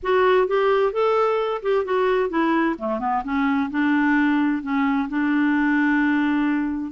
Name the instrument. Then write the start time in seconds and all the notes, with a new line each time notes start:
clarinet
0.02 F#4
0.47 G4
0.92 A4
1.62 G4
1.84 F#4
2.29 E4
2.78 A3
2.99 B3
3.23 C#4
3.70 D4
4.62 C#4
5.08 D4